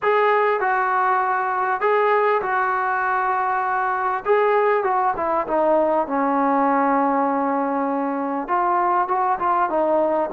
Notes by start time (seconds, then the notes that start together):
0.02 G#4
0.60 F#4
1.80 G#4
2.42 F#4
4.25 G#4
4.83 F#4
5.16 E4
5.47 D#4
6.07 C#4
8.48 F4
9.08 F#4
9.39 F4
9.69 D#4